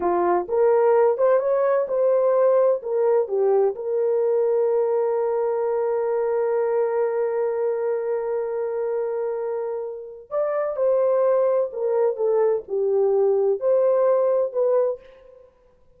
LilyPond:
\new Staff \with { instrumentName = "horn" } { \time 4/4 \tempo 4 = 128 f'4 ais'4. c''8 cis''4 | c''2 ais'4 g'4 | ais'1~ | ais'1~ |
ais'1~ | ais'2 d''4 c''4~ | c''4 ais'4 a'4 g'4~ | g'4 c''2 b'4 | }